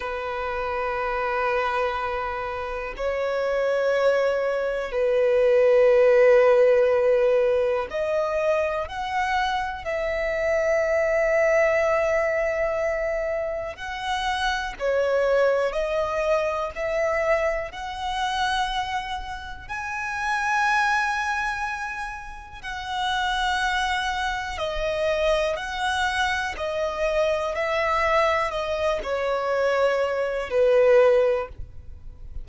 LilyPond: \new Staff \with { instrumentName = "violin" } { \time 4/4 \tempo 4 = 61 b'2. cis''4~ | cis''4 b'2. | dis''4 fis''4 e''2~ | e''2 fis''4 cis''4 |
dis''4 e''4 fis''2 | gis''2. fis''4~ | fis''4 dis''4 fis''4 dis''4 | e''4 dis''8 cis''4. b'4 | }